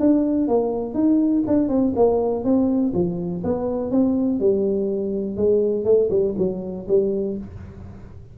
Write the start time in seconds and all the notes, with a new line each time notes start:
0.00 D4
0.48 A#3
0.95 D#4
1.47 D4
1.69 C4
1.96 A#3
2.45 C4
2.94 F3
3.44 B3
3.91 C4
4.40 G3
5.37 G#3
5.85 A3
6.10 G3
6.38 F#3
6.88 G3